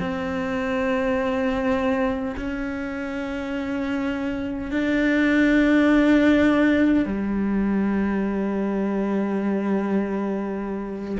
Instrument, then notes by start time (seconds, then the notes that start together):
cello
0.00 C4
2.37 C#4
4.72 D4
7.06 G3